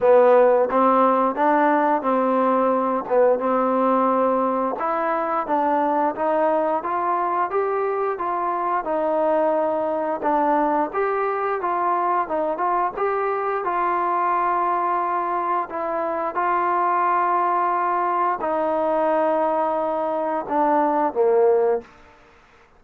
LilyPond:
\new Staff \with { instrumentName = "trombone" } { \time 4/4 \tempo 4 = 88 b4 c'4 d'4 c'4~ | c'8 b8 c'2 e'4 | d'4 dis'4 f'4 g'4 | f'4 dis'2 d'4 |
g'4 f'4 dis'8 f'8 g'4 | f'2. e'4 | f'2. dis'4~ | dis'2 d'4 ais4 | }